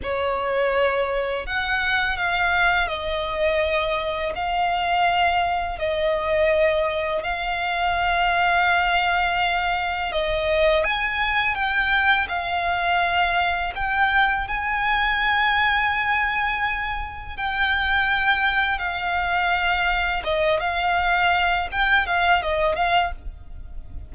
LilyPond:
\new Staff \with { instrumentName = "violin" } { \time 4/4 \tempo 4 = 83 cis''2 fis''4 f''4 | dis''2 f''2 | dis''2 f''2~ | f''2 dis''4 gis''4 |
g''4 f''2 g''4 | gis''1 | g''2 f''2 | dis''8 f''4. g''8 f''8 dis''8 f''8 | }